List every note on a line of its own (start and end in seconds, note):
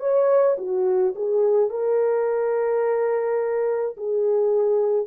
0.00 0.57 C#5
0.58 1.14 F#4
1.15 1.70 G#4
1.70 3.97 A#4
3.97 5.07 G#4